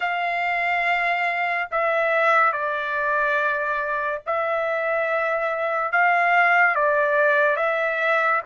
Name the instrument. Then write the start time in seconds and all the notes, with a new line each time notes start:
trumpet
0.00 F5
1.71 E5
2.52 D5
4.26 E5
5.92 F5
6.75 D5
7.56 E5